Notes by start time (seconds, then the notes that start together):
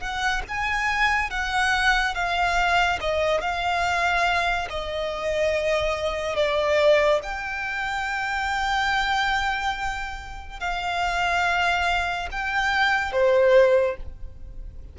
0.00 F#5
0.48 G#5
1.30 F#5
2.14 F5
3.00 D#5
3.41 F5
4.69 D#5
6.36 D5
7.23 G5
10.59 F5
12.31 G5
13.12 C5